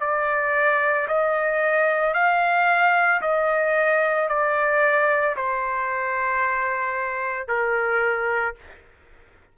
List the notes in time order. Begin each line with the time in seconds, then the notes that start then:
0.00 D5
1.08 D#5
2.13 F5
3.21 D#5
4.29 D5
5.36 C5
7.48 A#4